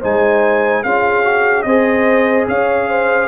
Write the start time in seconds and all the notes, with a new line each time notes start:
0.00 G#3 D#4 C5 G#5
0.83 C#4 F4 G#4 F5
1.24 F#4
1.63 C4 G#4 C5 D#5
2.48 C#4 C#5 F5
2.90 C5